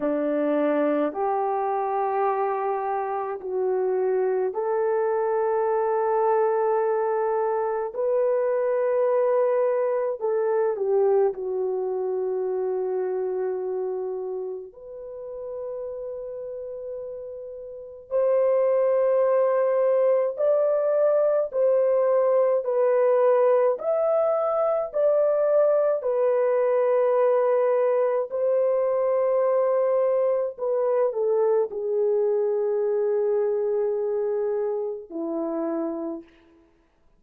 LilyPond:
\new Staff \with { instrumentName = "horn" } { \time 4/4 \tempo 4 = 53 d'4 g'2 fis'4 | a'2. b'4~ | b'4 a'8 g'8 fis'2~ | fis'4 b'2. |
c''2 d''4 c''4 | b'4 e''4 d''4 b'4~ | b'4 c''2 b'8 a'8 | gis'2. e'4 | }